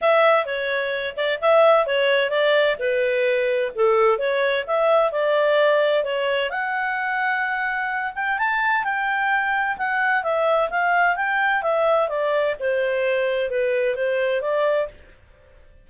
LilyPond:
\new Staff \with { instrumentName = "clarinet" } { \time 4/4 \tempo 4 = 129 e''4 cis''4. d''8 e''4 | cis''4 d''4 b'2 | a'4 cis''4 e''4 d''4~ | d''4 cis''4 fis''2~ |
fis''4. g''8 a''4 g''4~ | g''4 fis''4 e''4 f''4 | g''4 e''4 d''4 c''4~ | c''4 b'4 c''4 d''4 | }